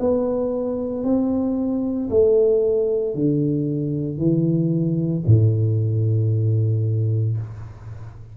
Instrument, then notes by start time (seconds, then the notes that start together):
tuba
0.00 B3
1.04 C4
2.10 A3
3.15 D3
4.18 E3
5.27 A2